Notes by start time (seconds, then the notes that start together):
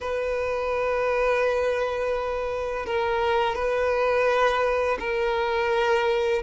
0.00 B4
2.86 A#4
3.55 B4
4.99 A#4